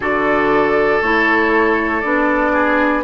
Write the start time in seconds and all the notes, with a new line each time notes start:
0.00 D3 F#4 A4 D5
1.02 A3 E4 C#5
2.00 B3 D4 D5
2.53 G#4